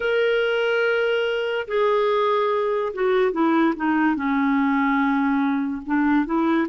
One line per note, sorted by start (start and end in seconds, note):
0.00 1.67 A#4
1.67 2.92 G#4
2.93 3.32 F#4
3.32 3.73 E4
3.76 4.15 D#4
4.15 5.82 C#4
5.86 6.25 D4
6.25 6.67 E4